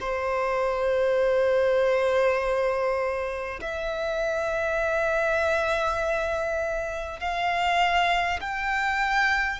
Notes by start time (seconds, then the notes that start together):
0.00 C5
3.61 E5
7.19 F5
8.40 G5